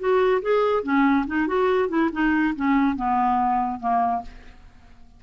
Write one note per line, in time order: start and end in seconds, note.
0.00 0.42 F#4
0.42 0.84 G#4
0.84 1.26 C#4
1.27 1.48 D#4
1.48 1.89 F#4
1.89 2.10 E4
2.13 2.55 D#4
2.56 2.97 C#4
2.97 3.80 B3
3.80 4.23 A#3